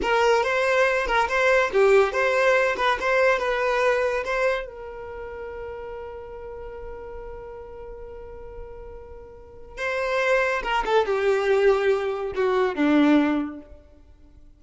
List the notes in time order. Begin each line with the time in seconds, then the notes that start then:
0.02 A#4
0.43 C5
1.06 A#4
1.28 C5
1.72 G4
2.12 C5
2.77 B4
3.00 C5
3.38 B4
4.24 C5
4.67 A#4
9.77 C5
10.62 A#4
10.85 A4
11.05 G4
12.35 F#4
12.75 D4